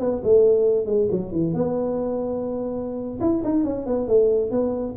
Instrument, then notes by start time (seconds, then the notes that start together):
tuba
0.00 B3
0.24 A3
0.86 G#3
1.11 F#3
1.32 E3
1.54 B3
3.21 E4
3.44 D#4
3.65 C#4
3.87 B3
4.08 A3
4.51 B3